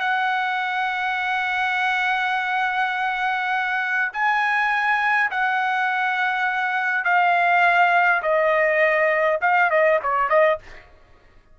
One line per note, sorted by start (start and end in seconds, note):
0.00 4.12 F#5
4.13 5.30 G#5
5.31 7.05 F#5
7.05 8.22 F5
8.22 9.40 D#5
9.41 9.70 F5
9.70 10.00 D#5
10.03 10.29 C#5
10.29 10.59 D#5